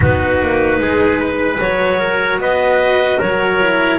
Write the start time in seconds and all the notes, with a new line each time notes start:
0.00 B3 D#4 F#4 B4
0.41 A#3
0.79 G#3 G#4
1.19 B4
1.60 F#3 F#4 C#5
1.99 A#4
2.38 B3 B4 D#5
3.18 F#3 A#4 C#5
3.61 E4